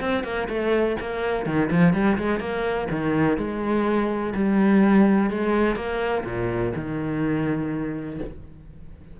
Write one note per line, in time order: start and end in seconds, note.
0.00 0.24 C4
0.24 0.48 A#3
0.48 0.96 A3
1.00 1.46 A#3
1.46 1.70 D#3
1.71 1.93 F3
1.93 2.17 G3
2.18 2.40 G#3
2.40 2.88 A#3
2.90 3.37 D#3
3.37 4.33 G#3
4.34 5.30 G3
5.30 5.75 G#3
5.75 6.23 A#3
6.24 6.72 A#2
6.75 8.19 D#3